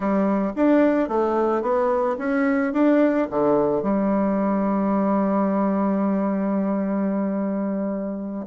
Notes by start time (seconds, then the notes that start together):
0.00 G3
0.56 D4
1.08 A3
1.61 B3
2.18 C#4
2.73 D4
3.30 D3
3.82 G3